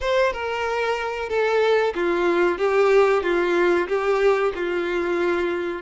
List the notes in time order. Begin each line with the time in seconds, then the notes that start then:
0.01 C5
0.32 A#4
1.29 A4
1.94 F4
2.58 G4
3.23 F4
3.88 G4
4.55 F4